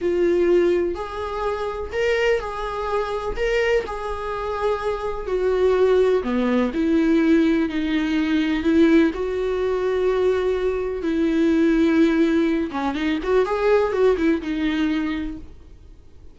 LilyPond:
\new Staff \with { instrumentName = "viola" } { \time 4/4 \tempo 4 = 125 f'2 gis'2 | ais'4 gis'2 ais'4 | gis'2. fis'4~ | fis'4 b4 e'2 |
dis'2 e'4 fis'4~ | fis'2. e'4~ | e'2~ e'8 cis'8 dis'8 fis'8 | gis'4 fis'8 e'8 dis'2 | }